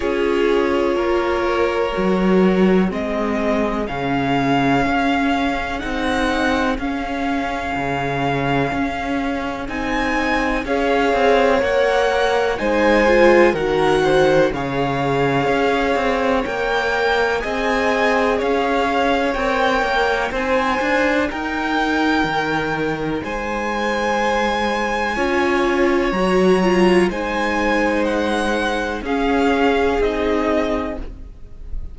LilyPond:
<<
  \new Staff \with { instrumentName = "violin" } { \time 4/4 \tempo 4 = 62 cis''2. dis''4 | f''2 fis''4 f''4~ | f''2 gis''4 f''4 | fis''4 gis''4 fis''4 f''4~ |
f''4 g''4 gis''4 f''4 | g''4 gis''4 g''2 | gis''2. ais''4 | gis''4 fis''4 f''4 dis''4 | }
  \new Staff \with { instrumentName = "violin" } { \time 4/4 gis'4 ais'2 gis'4~ | gis'1~ | gis'2. cis''4~ | cis''4 c''4 ais'8 c''8 cis''4~ |
cis''2 dis''4 cis''4~ | cis''4 c''4 ais'2 | c''2 cis''2 | c''2 gis'2 | }
  \new Staff \with { instrumentName = "viola" } { \time 4/4 f'2 fis'4 c'4 | cis'2 dis'4 cis'4~ | cis'2 dis'4 gis'4 | ais'4 dis'8 f'8 fis'4 gis'4~ |
gis'4 ais'4 gis'2 | ais'4 dis'2.~ | dis'2 f'4 fis'8 f'8 | dis'2 cis'4 dis'4 | }
  \new Staff \with { instrumentName = "cello" } { \time 4/4 cis'4 ais4 fis4 gis4 | cis4 cis'4 c'4 cis'4 | cis4 cis'4 c'4 cis'8 c'8 | ais4 gis4 dis4 cis4 |
cis'8 c'8 ais4 c'4 cis'4 | c'8 ais8 c'8 d'8 dis'4 dis4 | gis2 cis'4 fis4 | gis2 cis'4 c'4 | }
>>